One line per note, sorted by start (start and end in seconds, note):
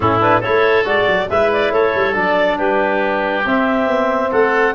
0.00 0.43 A2
0.00 0.21 C#4
0.00 0.40 E4
0.00 0.19 A4
0.21 0.42 D4
0.21 0.42 B4
0.40 0.85 A3
0.40 0.85 E4
0.40 1.27 A4
0.40 0.86 C#5
0.85 1.06 G#3
0.85 1.28 F#4
0.85 1.29 D5
1.07 1.29 F#3
1.29 1.71 G#3
1.29 2.13 E4
1.29 1.73 B4
1.29 1.51 E5
1.52 1.72 D5
1.71 1.92 A3
1.71 2.57 A4
1.71 2.15 C#5
1.94 2.15 G3
2.13 2.58 F#3
2.13 3.42 D4
2.13 2.58 D5
2.57 3.45 G3
2.57 4.30 G4
2.57 3.45 B4
3.45 3.87 C4
3.45 4.75 C4
3.45 4.31 E5
3.87 4.30 B3
4.30 4.75 A3
4.30 4.73 A4
4.30 4.75 F#5